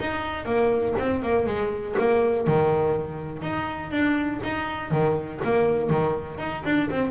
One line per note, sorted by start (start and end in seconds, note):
0.00 0.46 D#4
0.46 0.95 A#3
0.99 1.23 C4
1.23 1.46 A#3
1.46 1.96 G#3
1.99 2.47 A#3
2.47 3.42 D#3
3.42 3.91 D#4
3.91 4.40 D4
4.44 4.91 D#4
4.91 5.40 D#3
5.45 5.90 A#3
5.90 6.38 D#3
6.38 6.63 D#4
6.65 6.90 D4
6.90 7.11 C4